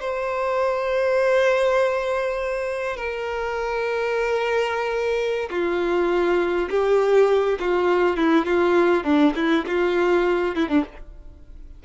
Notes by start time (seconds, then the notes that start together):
0.00 C5
2.96 A#4
5.50 F4
6.69 G4
7.59 F4
8.16 E4
8.45 F4
9.04 D4
9.35 E4
9.66 F4
10.55 E4
10.68 D4